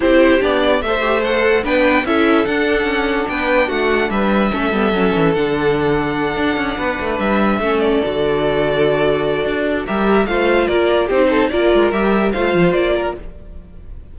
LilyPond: <<
  \new Staff \with { instrumentName = "violin" } { \time 4/4 \tempo 4 = 146 c''4 d''4 e''4 fis''4 | g''4 e''4 fis''2 | g''4 fis''4 e''2~ | e''4 fis''2.~ |
fis''4. e''4. d''4~ | d''1 | e''4 f''4 d''4 c''4 | d''4 e''4 f''4 d''4 | }
  \new Staff \with { instrumentName = "violin" } { \time 4/4 g'2 c''2 | b'4 a'2. | b'4 fis'4 b'4 a'4~ | a'1~ |
a'8 b'2 a'4.~ | a'1 | ais'4 c''4 ais'4 g'8 a'8 | ais'2 c''4. ais'8 | }
  \new Staff \with { instrumentName = "viola" } { \time 4/4 e'4 d'4 a'8 g'8 a'4 | d'4 e'4 d'2~ | d'2. cis'8 b8 | cis'4 d'2.~ |
d'2~ d'8 cis'4 fis'8~ | fis'1 | g'4 f'2 dis'4 | f'4 g'4 f'2 | }
  \new Staff \with { instrumentName = "cello" } { \time 4/4 c'4 b4 a2 | b4 cis'4 d'4 cis'4 | b4 a4 g4 a8 g8 | fis8 e8 d2~ d8 d'8 |
cis'8 b8 a8 g4 a4 d8~ | d2. d'4 | g4 a4 ais4 c'4 | ais8 gis8 g4 a8 f8 ais4 | }
>>